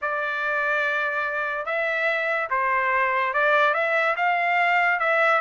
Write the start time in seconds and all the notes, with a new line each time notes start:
0.01 D5
1.65 E5
2.50 C5
3.33 D5
3.74 E5
4.16 F5
4.99 E5